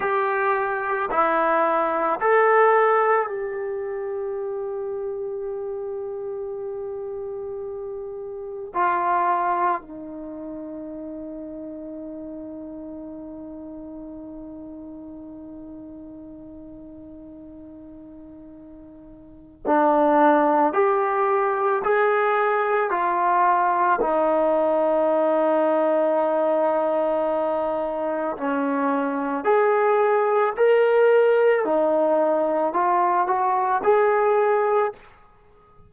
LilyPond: \new Staff \with { instrumentName = "trombone" } { \time 4/4 \tempo 4 = 55 g'4 e'4 a'4 g'4~ | g'1 | f'4 dis'2.~ | dis'1~ |
dis'2 d'4 g'4 | gis'4 f'4 dis'2~ | dis'2 cis'4 gis'4 | ais'4 dis'4 f'8 fis'8 gis'4 | }